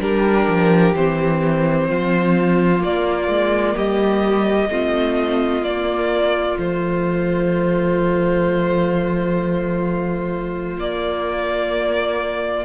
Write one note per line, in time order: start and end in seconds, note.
0.00 0.47 G3
0.00 0.94 D4
0.00 1.89 G4
0.00 0.95 A#4
0.47 0.94 F3
0.95 1.89 E3
0.95 2.79 C4
0.95 2.83 C5
1.89 2.83 F3
1.89 3.76 F4
2.79 4.67 A#3
2.79 3.28 A#3
2.79 3.77 D5
3.28 3.75 G#3
3.76 4.69 G3
3.76 4.70 G4
3.76 5.64 D#5
4.69 5.62 A3
4.69 5.63 C4
4.69 12.65 F4
5.62 6.55 A#3
5.62 6.57 A#3
5.62 6.58 D5
6.57 10.78 F3
6.57 10.78 A3
6.57 10.80 C5
10.78 12.65 A#3
10.78 12.65 D5